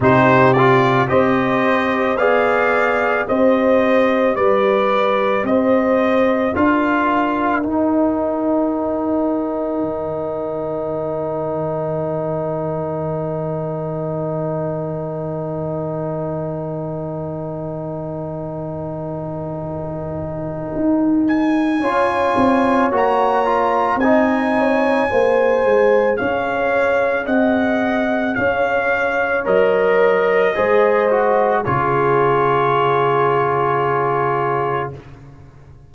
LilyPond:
<<
  \new Staff \with { instrumentName = "trumpet" } { \time 4/4 \tempo 4 = 55 c''8 d''8 dis''4 f''4 dis''4 | d''4 dis''4 f''4 g''4~ | g''1~ | g''1~ |
g''2.~ g''8 gis''8~ | gis''4 ais''4 gis''2 | f''4 fis''4 f''4 dis''4~ | dis''4 cis''2. | }
  \new Staff \with { instrumentName = "horn" } { \time 4/4 g'4 c''4 d''4 c''4 | b'4 c''4 ais'2~ | ais'1~ | ais'1~ |
ais'1 | cis''2 dis''8 cis''8 c''4 | cis''4 dis''4 cis''2 | c''4 gis'2. | }
  \new Staff \with { instrumentName = "trombone" } { \time 4/4 dis'8 f'8 g'4 gis'4 g'4~ | g'2 f'4 dis'4~ | dis'1~ | dis'1~ |
dis'1 | f'4 fis'8 f'8 dis'4 gis'4~ | gis'2. ais'4 | gis'8 fis'8 f'2. | }
  \new Staff \with { instrumentName = "tuba" } { \time 4/4 c4 c'4 b4 c'4 | g4 c'4 d'4 dis'4~ | dis'4 dis2.~ | dis1~ |
dis2. dis'4 | cis'8 c'8 ais4 c'4 ais8 gis8 | cis'4 c'4 cis'4 fis4 | gis4 cis2. | }
>>